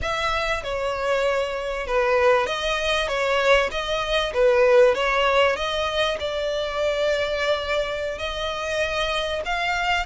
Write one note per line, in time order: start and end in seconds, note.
0.01 0.63 E5
0.63 1.87 C#5
1.87 2.46 B4
2.46 3.08 D#5
3.08 3.69 C#5
3.71 4.32 D#5
4.33 4.94 B4
4.94 5.55 C#5
5.55 6.17 D#5
6.19 8.18 D5
8.18 9.42 D#5
9.45 10.05 F5